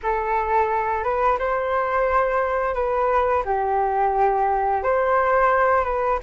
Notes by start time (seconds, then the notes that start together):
0.02 A4
1.03 B4
1.38 C5
2.74 B4
3.45 G4
4.83 C5
5.84 B4